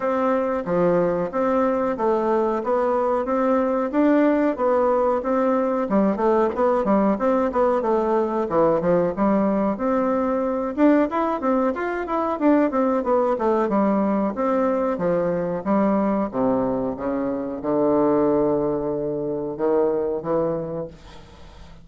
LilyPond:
\new Staff \with { instrumentName = "bassoon" } { \time 4/4 \tempo 4 = 92 c'4 f4 c'4 a4 | b4 c'4 d'4 b4 | c'4 g8 a8 b8 g8 c'8 b8 | a4 e8 f8 g4 c'4~ |
c'8 d'8 e'8 c'8 f'8 e'8 d'8 c'8 | b8 a8 g4 c'4 f4 | g4 c4 cis4 d4~ | d2 dis4 e4 | }